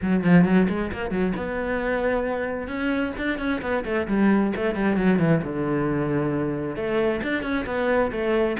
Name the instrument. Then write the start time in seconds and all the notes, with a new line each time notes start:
cello
0.02 F#3
0.23 F3
0.44 F#3
0.68 G#3
0.92 A#3
1.11 F#3
1.36 B3
2.67 C#4
3.17 D4
3.38 C#4
3.61 B3
3.84 A3
4.07 G3
4.56 A3
4.75 G3
4.96 F#3
5.19 E3
5.43 D3
6.75 A3
7.23 D4
7.42 C#4
7.66 B3
8.11 A3